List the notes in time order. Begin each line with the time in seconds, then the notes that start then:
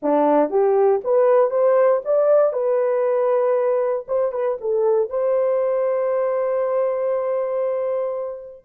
0.02 D4
0.50 G4
1.04 B4
1.50 C5
2.05 D5
2.53 B4
4.07 C5
4.32 B4
4.60 A4
5.09 C5